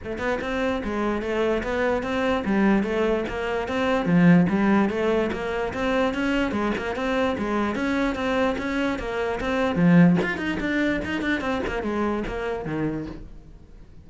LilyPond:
\new Staff \with { instrumentName = "cello" } { \time 4/4 \tempo 4 = 147 a8 b8 c'4 gis4 a4 | b4 c'4 g4 a4 | ais4 c'4 f4 g4 | a4 ais4 c'4 cis'4 |
gis8 ais8 c'4 gis4 cis'4 | c'4 cis'4 ais4 c'4 | f4 f'8 dis'8 d'4 dis'8 d'8 | c'8 ais8 gis4 ais4 dis4 | }